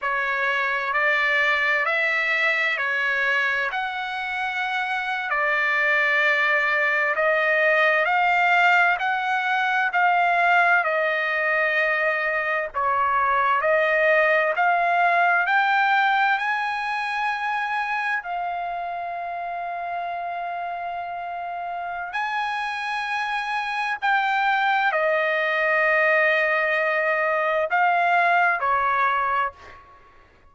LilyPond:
\new Staff \with { instrumentName = "trumpet" } { \time 4/4 \tempo 4 = 65 cis''4 d''4 e''4 cis''4 | fis''4.~ fis''16 d''2 dis''16~ | dis''8. f''4 fis''4 f''4 dis''16~ | dis''4.~ dis''16 cis''4 dis''4 f''16~ |
f''8. g''4 gis''2 f''16~ | f''1 | gis''2 g''4 dis''4~ | dis''2 f''4 cis''4 | }